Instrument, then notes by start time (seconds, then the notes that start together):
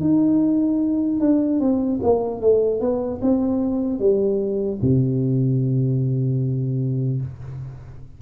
tuba
0.00 D#4
1.20 D4
1.60 C4
2.02 A#3
2.40 A3
2.80 B3
3.21 C4
3.99 G3
4.81 C3